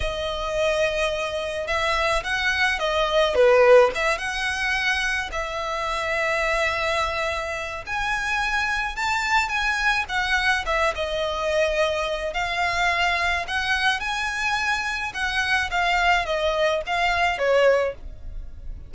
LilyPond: \new Staff \with { instrumentName = "violin" } { \time 4/4 \tempo 4 = 107 dis''2. e''4 | fis''4 dis''4 b'4 e''8 fis''8~ | fis''4. e''2~ e''8~ | e''2 gis''2 |
a''4 gis''4 fis''4 e''8 dis''8~ | dis''2 f''2 | fis''4 gis''2 fis''4 | f''4 dis''4 f''4 cis''4 | }